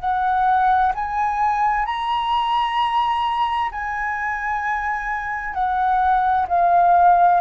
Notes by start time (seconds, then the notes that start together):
0.00 F#5
0.95 G#5
1.86 A#5
3.72 G#5
5.54 F#5
6.48 F5